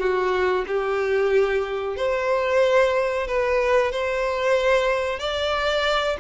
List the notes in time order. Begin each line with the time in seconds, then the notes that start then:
0.00 F#4
0.68 G4
1.97 C5
3.28 B4
3.92 C5
5.20 D5